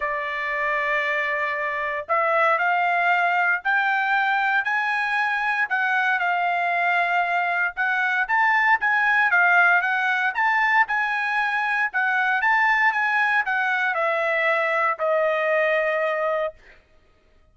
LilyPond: \new Staff \with { instrumentName = "trumpet" } { \time 4/4 \tempo 4 = 116 d''1 | e''4 f''2 g''4~ | g''4 gis''2 fis''4 | f''2. fis''4 |
a''4 gis''4 f''4 fis''4 | a''4 gis''2 fis''4 | a''4 gis''4 fis''4 e''4~ | e''4 dis''2. | }